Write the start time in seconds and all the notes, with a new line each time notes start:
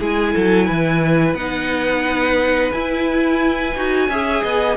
0.00 G#3 E4 G#4 G#5
0.34 F#3 A4
0.66 E3 B4
1.35 B3 D#4 F#5
2.72 E4 G#5
3.76 D#4 F#4
4.09 C#4 G#4 E5
4.43 B3 D#5